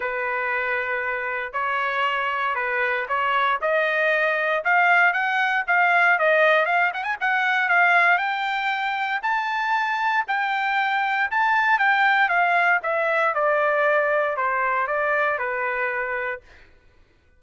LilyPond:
\new Staff \with { instrumentName = "trumpet" } { \time 4/4 \tempo 4 = 117 b'2. cis''4~ | cis''4 b'4 cis''4 dis''4~ | dis''4 f''4 fis''4 f''4 | dis''4 f''8 fis''16 gis''16 fis''4 f''4 |
g''2 a''2 | g''2 a''4 g''4 | f''4 e''4 d''2 | c''4 d''4 b'2 | }